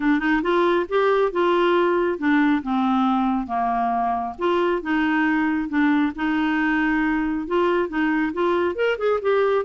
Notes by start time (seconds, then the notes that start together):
0.00 D4
0.19 D#4
0.42 F4
0.88 G4
1.31 F4
2.18 D4
2.62 C4
3.46 A#3
4.38 F4
4.82 D#4
5.68 D4
6.15 D#4
7.47 F4
7.88 D#4
8.33 F4
8.75 A#4
8.98 G#4
9.21 G4